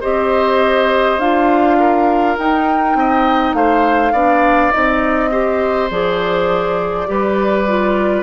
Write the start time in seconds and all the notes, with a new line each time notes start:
0.00 C4 G4 C5 D#5
1.18 D4 F4 F5
1.79 A#4
2.37 D#4 G5
2.95 C4 D#5
3.53 A3 C5 F5
4.12 B3 D4 D5
4.71 C4 D#4 D#5
5.31 G4 C5
5.90 F3 G#4 D5
7.06 G3 G4 B4
7.67 F4